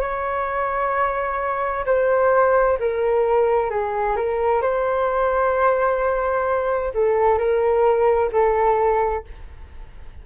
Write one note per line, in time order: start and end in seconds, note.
0.00 1.85 C#5
1.85 2.78 C5
2.79 3.70 A#4
3.70 4.16 G#4
4.16 4.62 A#4
4.62 6.92 C5
6.94 7.38 A4
7.38 8.30 A#4
8.32 9.24 A4